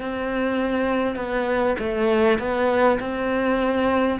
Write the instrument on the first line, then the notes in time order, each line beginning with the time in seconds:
cello
0.00 C4
1.15 B3
1.78 A3
2.38 B3
2.99 C4